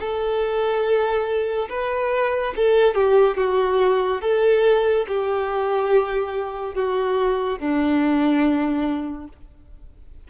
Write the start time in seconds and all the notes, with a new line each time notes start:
0.00 A4
1.69 B4
2.56 A4
2.95 G4
3.37 F#4
4.22 A4
5.08 G4
6.75 F#4
7.59 D4